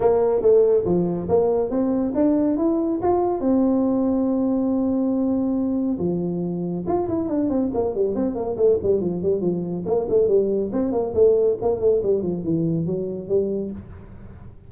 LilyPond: \new Staff \with { instrumentName = "tuba" } { \time 4/4 \tempo 4 = 140 ais4 a4 f4 ais4 | c'4 d'4 e'4 f'4 | c'1~ | c'2 f2 |
f'8 e'8 d'8 c'8 ais8 g8 c'8 ais8 | a8 g8 f8 g8 f4 ais8 a8 | g4 c'8 ais8 a4 ais8 a8 | g8 f8 e4 fis4 g4 | }